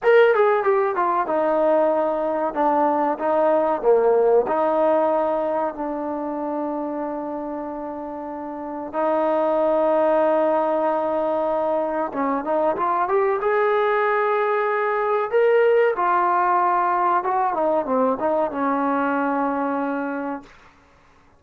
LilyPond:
\new Staff \with { instrumentName = "trombone" } { \time 4/4 \tempo 4 = 94 ais'8 gis'8 g'8 f'8 dis'2 | d'4 dis'4 ais4 dis'4~ | dis'4 d'2.~ | d'2 dis'2~ |
dis'2. cis'8 dis'8 | f'8 g'8 gis'2. | ais'4 f'2 fis'8 dis'8 | c'8 dis'8 cis'2. | }